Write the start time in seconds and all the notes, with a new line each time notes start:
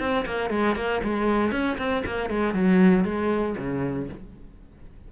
0.00 C4
0.26 A#3
0.50 G#3
0.76 A#3
1.03 G#3
1.52 C#4
1.78 C4
2.06 A#3
2.30 G#3
2.54 F#3
3.05 G#3
3.58 C#3